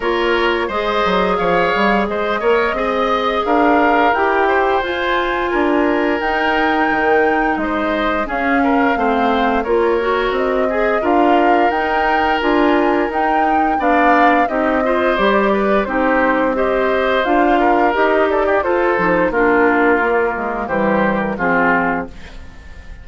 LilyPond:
<<
  \new Staff \with { instrumentName = "flute" } { \time 4/4 \tempo 4 = 87 cis''4 dis''4 f''4 dis''4~ | dis''4 f''4 g''4 gis''4~ | gis''4 g''2 dis''4 | f''2 cis''4 dis''4 |
f''4 g''4 gis''4 g''4 | f''4 dis''4 d''4 c''4 | dis''4 f''4 dis''8 d''8 c''4 | ais'2 c''8. ais'16 gis'4 | }
  \new Staff \with { instrumentName = "oboe" } { \time 4/4 ais'4 c''4 cis''4 c''8 cis''8 | dis''4 ais'4. c''4. | ais'2. c''4 | gis'8 ais'8 c''4 ais'4. gis'8 |
ais'1 | d''4 g'8 c''4 b'8 g'4 | c''4. ais'4 a'16 g'16 a'4 | f'2 g'4 f'4 | }
  \new Staff \with { instrumentName = "clarinet" } { \time 4/4 f'4 gis'2~ gis'8 ais'8 | gis'2 g'4 f'4~ | f'4 dis'2. | cis'4 c'4 f'8 fis'4 gis'8 |
f'4 dis'4 f'4 dis'4 | d'4 dis'8 f'8 g'4 dis'4 | g'4 f'4 g'4 f'8 dis'8 | d'4 ais4 g4 c'4 | }
  \new Staff \with { instrumentName = "bassoon" } { \time 4/4 ais4 gis8 fis8 f8 g8 gis8 ais8 | c'4 d'4 e'4 f'4 | d'4 dis'4 dis4 gis4 | cis'4 a4 ais4 c'4 |
d'4 dis'4 d'4 dis'4 | b4 c'4 g4 c'4~ | c'4 d'4 dis'4 f'8 f8 | ais4. gis8 e4 f4 | }
>>